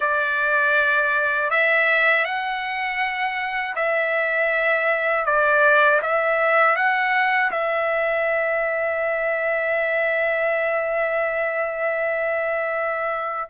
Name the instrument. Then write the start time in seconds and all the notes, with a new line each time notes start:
trumpet
0.00 D5
1.50 E5
2.24 F#5
3.75 E5
5.25 D5
6.02 E5
6.75 F#5
7.51 E5